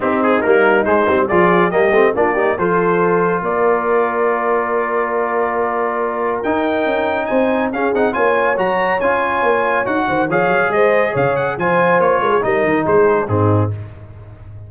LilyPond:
<<
  \new Staff \with { instrumentName = "trumpet" } { \time 4/4 \tempo 4 = 140 g'8 gis'8 ais'4 c''4 d''4 | dis''4 d''4 c''2 | d''1~ | d''2. g''4~ |
g''4 gis''4 f''8 fis''8 gis''4 | ais''4 gis''2 fis''4 | f''4 dis''4 f''8 fis''8 gis''4 | cis''4 dis''4 c''4 gis'4 | }
  \new Staff \with { instrumentName = "horn" } { \time 4/4 dis'2. gis'4 | g'4 f'8 g'8 a'2 | ais'1~ | ais'1~ |
ais'4 c''4 gis'4 cis''4~ | cis''2.~ cis''8 c''8 | cis''4 c''4 cis''4 c''4~ | c''8 ais'16 gis'16 ais'4 gis'4 dis'4 | }
  \new Staff \with { instrumentName = "trombone" } { \time 4/4 c'4 ais4 gis8 c'8 f'4 | ais8 c'8 d'8 dis'8 f'2~ | f'1~ | f'2. dis'4~ |
dis'2 cis'8 dis'8 f'4 | fis'4 f'2 fis'4 | gis'2. f'4~ | f'4 dis'2 c'4 | }
  \new Staff \with { instrumentName = "tuba" } { \time 4/4 c'4 g4 gis8 g8 f4 | g8 a8 ais4 f2 | ais1~ | ais2. dis'4 |
cis'4 c'4 cis'8 c'8 ais4 | fis4 cis'4 ais4 dis'8 dis8 | f8 fis8 gis4 cis4 f4 | ais8 gis8 g8 dis8 gis4 gis,4 | }
>>